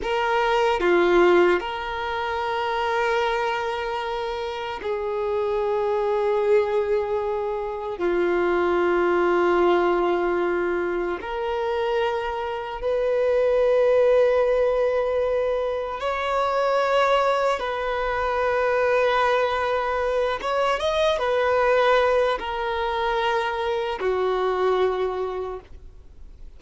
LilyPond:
\new Staff \with { instrumentName = "violin" } { \time 4/4 \tempo 4 = 75 ais'4 f'4 ais'2~ | ais'2 gis'2~ | gis'2 f'2~ | f'2 ais'2 |
b'1 | cis''2 b'2~ | b'4. cis''8 dis''8 b'4. | ais'2 fis'2 | }